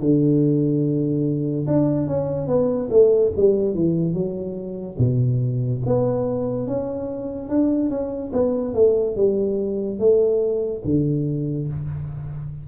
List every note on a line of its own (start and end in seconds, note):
0.00 1.67 D3
1.67 2.07 D4
2.07 2.47 C#4
2.47 2.89 B3
2.90 3.32 A3
3.36 3.75 G3
3.75 4.14 E3
4.14 4.97 F#3
4.98 5.82 B2
5.86 6.67 B3
6.67 7.49 C#4
7.49 7.90 D4
7.90 8.32 C#4
8.33 8.75 B3
8.75 9.16 A3
9.16 9.99 G3
9.99 10.83 A3
10.85 11.68 D3